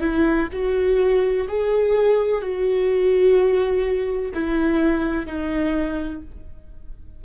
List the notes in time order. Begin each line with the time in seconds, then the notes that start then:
0.00 E4
0.52 F#4
1.48 G#4
2.42 F#4
4.34 E4
5.26 D#4